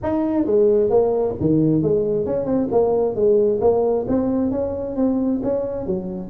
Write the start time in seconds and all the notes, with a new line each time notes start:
0.02 D#4
0.45 G#3
0.89 A#3
1.40 D#3
1.82 G#3
2.26 C#4
2.45 C4
2.71 A#3
3.15 G#3
3.60 A#3
4.07 C4
4.51 C#4
4.96 C4
5.43 C#4
5.86 F#3